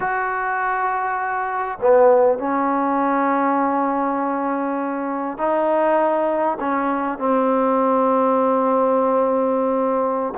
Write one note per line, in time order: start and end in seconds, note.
0.00 1.78 F#4
1.81 2.38 B3
2.38 5.38 C#4
5.38 6.58 D#4
6.59 7.18 C#4
7.18 10.33 C4